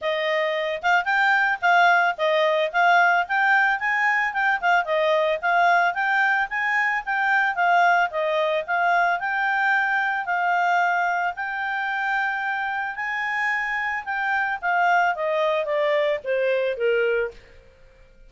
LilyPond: \new Staff \with { instrumentName = "clarinet" } { \time 4/4 \tempo 4 = 111 dis''4. f''8 g''4 f''4 | dis''4 f''4 g''4 gis''4 | g''8 f''8 dis''4 f''4 g''4 | gis''4 g''4 f''4 dis''4 |
f''4 g''2 f''4~ | f''4 g''2. | gis''2 g''4 f''4 | dis''4 d''4 c''4 ais'4 | }